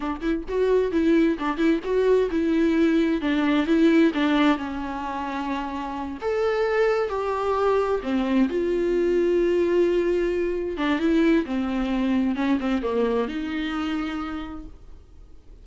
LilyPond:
\new Staff \with { instrumentName = "viola" } { \time 4/4 \tempo 4 = 131 d'8 e'8 fis'4 e'4 d'8 e'8 | fis'4 e'2 d'4 | e'4 d'4 cis'2~ | cis'4. a'2 g'8~ |
g'4. c'4 f'4.~ | f'2.~ f'8 d'8 | e'4 c'2 cis'8 c'8 | ais4 dis'2. | }